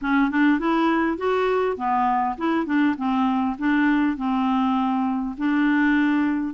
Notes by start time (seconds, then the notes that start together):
0.01 C#4
0.30 D4
0.59 E4
1.17 F#4
1.76 B3
2.37 E4
2.65 D4
2.97 C4
3.58 D4
4.16 C4
5.37 D4